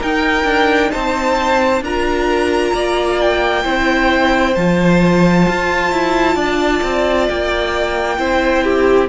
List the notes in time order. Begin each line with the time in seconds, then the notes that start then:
0.00 D#4 A#4 G5
0.44 D4
0.91 C4 C5 A5
1.81 D4 F4 A#4 A#5
2.74 A#3 D5
3.21 G5
3.64 C4 E4 C5
4.55 F3 F4 A5
5.48 F4
5.92 E4
6.35 D4 D5
6.83 C4
7.28 A#3 G5
8.18 C4 E4 C5
8.64 G4